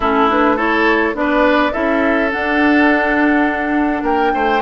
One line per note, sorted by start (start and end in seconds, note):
0.00 1.14 A3
0.00 0.29 C#4
0.00 0.56 E4
0.00 0.29 A4
0.29 0.57 D4
0.29 0.57 B4
0.56 1.14 E4
0.56 1.14 A4
0.56 1.15 C#5
1.14 1.72 B3
1.14 1.71 D4
1.14 1.72 B4
1.14 1.72 D5
1.72 2.33 C#4
1.72 2.30 E4
1.72 4.03 A4
1.72 2.30 E5
2.31 4.62 D4
2.31 4.02 D4
2.31 4.04 F#5
4.02 4.31 A#3
4.02 4.32 A#4
4.02 4.62 G5
4.33 4.62 A3
4.33 4.62 C5